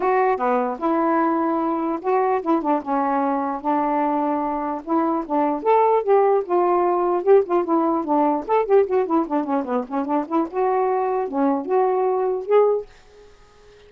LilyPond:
\new Staff \with { instrumentName = "saxophone" } { \time 4/4 \tempo 4 = 149 fis'4 b4 e'2~ | e'4 fis'4 e'8 d'8 cis'4~ | cis'4 d'2. | e'4 d'4 a'4 g'4 |
f'2 g'8 f'8 e'4 | d'4 a'8 g'8 fis'8 e'8 d'8 cis'8 | b8 cis'8 d'8 e'8 fis'2 | cis'4 fis'2 gis'4 | }